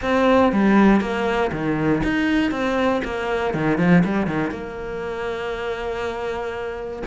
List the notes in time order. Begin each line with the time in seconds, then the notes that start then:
0.02 C4
0.52 G3
1.00 A#3
1.51 D#3
2.03 D#4
2.51 C4
3.04 A#3
3.54 D#3
3.78 F3
4.04 G3
4.26 D#3
4.50 A#3